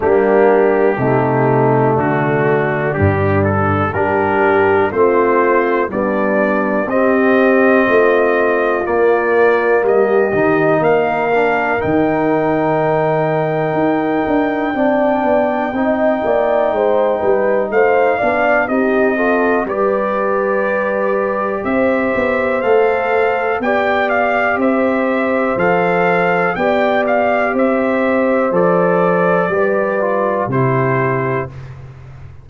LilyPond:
<<
  \new Staff \with { instrumentName = "trumpet" } { \time 4/4 \tempo 4 = 61 g'2 fis'4 g'8 a'8 | ais'4 c''4 d''4 dis''4~ | dis''4 d''4 dis''4 f''4 | g''1~ |
g''2 f''4 dis''4 | d''2 e''4 f''4 | g''8 f''8 e''4 f''4 g''8 f''8 | e''4 d''2 c''4 | }
  \new Staff \with { instrumentName = "horn" } { \time 4/4 d'4 dis'4 d'2 | g'4 f'4 d'4 g'4 | f'2 g'4 ais'4~ | ais'2. d''4 |
dis''8 d''8 c''8 b'8 c''8 d''8 g'8 a'8 | b'2 c''2 | d''4 c''2 d''4 | c''2 b'4 g'4 | }
  \new Staff \with { instrumentName = "trombone" } { \time 4/4 ais4 a2 g4 | d'4 c'4 g4 c'4~ | c'4 ais4. dis'4 d'8 | dis'2. d'4 |
dis'2~ dis'8 d'8 dis'8 f'8 | g'2. a'4 | g'2 a'4 g'4~ | g'4 a'4 g'8 f'8 e'4 | }
  \new Staff \with { instrumentName = "tuba" } { \time 4/4 g4 c4 d4 g,4 | g4 a4 b4 c'4 | a4 ais4 g8 dis8 ais4 | dis2 dis'8 d'8 c'8 b8 |
c'8 ais8 gis8 g8 a8 b8 c'4 | g2 c'8 b8 a4 | b4 c'4 f4 b4 | c'4 f4 g4 c4 | }
>>